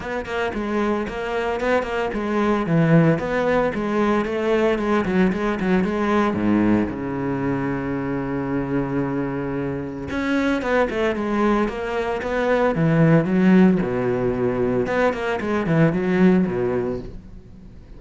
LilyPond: \new Staff \with { instrumentName = "cello" } { \time 4/4 \tempo 4 = 113 b8 ais8 gis4 ais4 b8 ais8 | gis4 e4 b4 gis4 | a4 gis8 fis8 gis8 fis8 gis4 | gis,4 cis2.~ |
cis2. cis'4 | b8 a8 gis4 ais4 b4 | e4 fis4 b,2 | b8 ais8 gis8 e8 fis4 b,4 | }